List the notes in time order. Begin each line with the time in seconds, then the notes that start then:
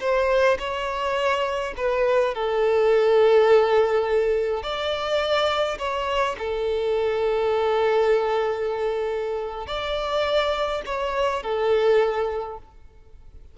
0.00 C5
0.59 C#5
1.77 B4
2.35 A4
4.63 D5
5.78 C#5
6.38 A4
9.67 D5
10.86 C#5
11.43 A4